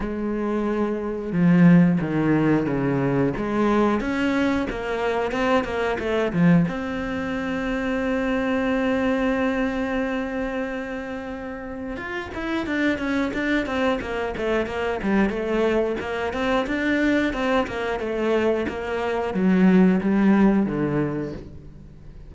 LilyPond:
\new Staff \with { instrumentName = "cello" } { \time 4/4 \tempo 4 = 90 gis2 f4 dis4 | cis4 gis4 cis'4 ais4 | c'8 ais8 a8 f8 c'2~ | c'1~ |
c'2 f'8 e'8 d'8 cis'8 | d'8 c'8 ais8 a8 ais8 g8 a4 | ais8 c'8 d'4 c'8 ais8 a4 | ais4 fis4 g4 d4 | }